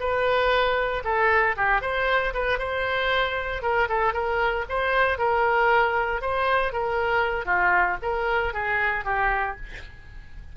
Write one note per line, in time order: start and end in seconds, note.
0.00 1.03 B4
1.05 1.56 A4
1.57 1.82 G4
1.82 2.34 C5
2.34 2.59 B4
2.59 3.63 C5
3.63 3.88 A#4
3.89 4.14 A4
4.14 4.66 A#4
4.69 5.19 C5
5.19 6.22 A#4
6.22 6.73 C5
6.73 7.46 A#4
7.46 7.97 F4
8.03 8.53 A#4
8.53 9.05 G#4
9.05 9.57 G4